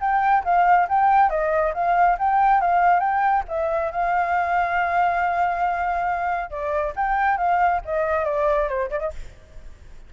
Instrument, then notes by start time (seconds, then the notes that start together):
flute
0.00 G5
0.44 F5
0.89 G5
1.30 D#5
1.74 F5
2.18 G5
2.61 F5
3.00 G5
3.48 E5
3.91 F5
6.50 D5
6.96 G5
7.37 F5
7.85 D#5
8.25 D5
8.68 C5
8.90 D5
9.00 D#5